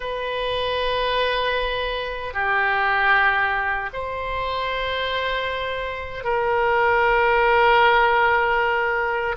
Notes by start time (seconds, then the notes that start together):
0.00 B4
2.33 G4
3.93 C5
6.23 A#4